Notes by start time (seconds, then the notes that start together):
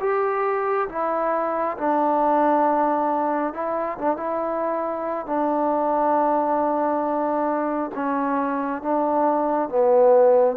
0.00 G4
0.89 E4
1.77 D4
3.54 E4
3.98 D4
4.17 E4
5.27 D4
7.95 C#4
8.82 D4
9.69 B3